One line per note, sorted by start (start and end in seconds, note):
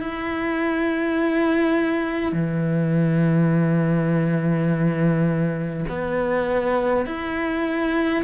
0.00 2.32 E4
2.32 5.85 E3
5.89 7.06 B3
7.06 8.24 E4